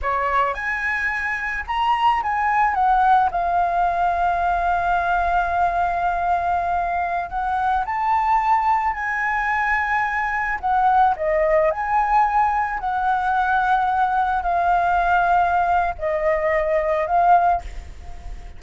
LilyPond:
\new Staff \with { instrumentName = "flute" } { \time 4/4 \tempo 4 = 109 cis''4 gis''2 ais''4 | gis''4 fis''4 f''2~ | f''1~ | f''4~ f''16 fis''4 a''4.~ a''16~ |
a''16 gis''2. fis''8.~ | fis''16 dis''4 gis''2 fis''8.~ | fis''2~ fis''16 f''4.~ f''16~ | f''4 dis''2 f''4 | }